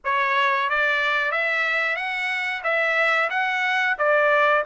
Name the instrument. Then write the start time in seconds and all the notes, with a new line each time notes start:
trumpet
0.04 C#5
0.69 D5
1.31 E5
1.96 F#5
2.63 E5
3.30 F#5
3.98 D5